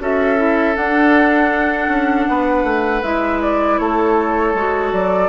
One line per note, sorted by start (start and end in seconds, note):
0.00 0.76 C#4
0.00 0.36 F#4
0.00 2.29 A4
0.00 0.76 E5
0.36 0.74 E4
0.76 1.88 D4
0.76 3.03 D4
0.76 3.03 F#5
1.88 2.26 C#4
2.29 2.64 B3
2.29 3.81 B4
2.64 3.02 A3
3.03 3.79 G#3
3.03 4.55 E4
3.03 3.41 E5
3.42 3.78 D5
3.78 4.54 A3
3.78 5.29 A4
3.78 4.92 C#5
4.54 4.92 G#3
4.54 5.29 F#4
4.93 5.29 F#3
4.93 5.29 D5